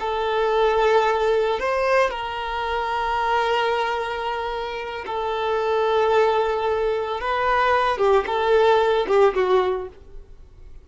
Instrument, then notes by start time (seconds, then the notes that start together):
violin
0.00 A4
1.59 C5
2.10 A#4
5.06 A4
7.21 B4
7.98 G4
8.26 A4
9.07 G4
9.34 F#4